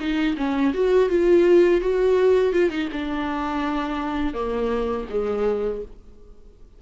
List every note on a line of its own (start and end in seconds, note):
0.00 0.36 D#4
0.37 0.73 C#4
0.74 1.09 F#4
1.09 1.81 F4
1.81 2.53 F#4
2.53 2.71 F4
2.71 2.89 D#4
2.92 4.34 D4
4.34 5.07 A#3
5.10 5.82 G#3